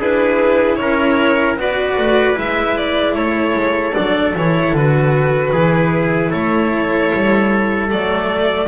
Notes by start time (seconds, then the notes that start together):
0.00 D4 E4 G#4 B4
0.76 C#4 A#4 C#5
1.57 B3 F#4 B4 D5
1.98 A3
2.34 G#3 E4 E5
2.78 D5
3.15 A3 A4 C#5
3.55 G#3
3.95 F#3 D4 D5
4.35 E3 E4 C#5
4.72 D3 F#4 B4
5.52 E3 E4 G#4
6.31 A3 A4 C#5
7.15 G3
7.89 F#3 A3 D5